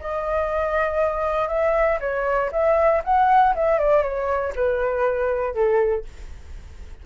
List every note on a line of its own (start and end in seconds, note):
0.00 1.49 D#5
1.49 1.99 E5
2.00 2.51 C#5
2.52 3.03 E5
3.04 3.55 F#5
3.55 3.79 E5
3.79 4.03 D5
4.03 4.53 C#5
4.56 5.55 B4
5.55 6.05 A4